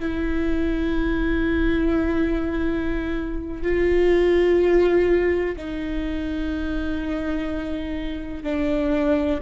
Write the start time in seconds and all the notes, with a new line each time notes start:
0.00 E4
3.63 F4
5.57 D#4
8.44 D4